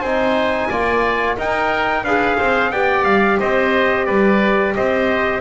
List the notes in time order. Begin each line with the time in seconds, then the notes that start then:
0.00 C4 D#4 C5 G#5
0.69 A#3 F4 D5
1.37 D#4 A#4 G5
2.04 D4 G#4 B4 F5
2.37 C4 C5
2.71 B3 G4 D5 G5
3.04 G3 F5
3.39 C4 C5 D#5
4.06 G3 B4 D5
4.75 C4 C5 D#5